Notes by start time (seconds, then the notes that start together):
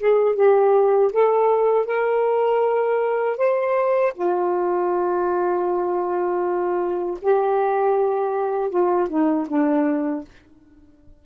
0.00 G#4
0.36 G4
1.13 A4
1.86 A#4
3.38 C5
4.15 F4
7.23 G4
8.71 F4
9.10 D#4
9.49 D4